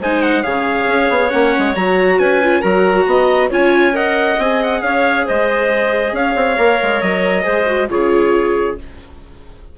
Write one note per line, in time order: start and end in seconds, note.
0.00 0.45 G#3
0.00 0.43 D#4
0.00 0.43 C5
0.00 0.22 G#5
0.22 0.43 F#5
0.43 0.87 C#3
0.43 1.30 G#4
0.43 2.18 C#5
0.43 1.30 F5
0.87 1.09 C#4
1.09 1.31 B3
1.30 1.56 A#3
1.30 1.73 C#4
1.30 1.74 F#5
1.58 1.75 G#3
1.75 2.19 F#3
1.75 2.42 F#4
1.75 2.19 A#5
2.19 2.63 C#4
2.19 2.60 B4
2.19 2.62 G#5
2.43 2.62 F4
2.60 3.06 F#3
2.60 3.50 F#4
2.60 3.04 A#4
2.60 3.49 A#5
3.06 3.50 B3
3.06 3.49 D#5
3.49 4.38 C#4
3.49 3.93 F4
3.49 3.93 C#5
3.49 3.96 G#5
3.93 4.37 A#4
3.93 4.82 D#5
3.93 4.40 F#5
4.38 4.82 C4
4.38 6.57 G#4
4.38 4.62 G#5
4.63 4.82 F#5
4.82 5.26 C#4
4.82 5.26 C#5
4.82 5.26 F5
5.26 6.12 G#3
5.26 6.13 C5
5.26 6.15 D#5
6.12 6.34 C#4
6.12 7.43 C#5
6.12 7.01 F5
6.36 6.57 C4
6.57 6.80 A#3
6.57 7.43 A#4
6.82 7.02 G#3
7.01 7.45 F#3
7.01 7.89 D#5
7.43 7.90 G#3
7.43 7.65 G#4
7.43 7.87 C5
7.67 7.89 F#4
7.89 8.77 C#3
7.89 8.77 F4
7.89 8.78 G#4
7.89 8.78 C#5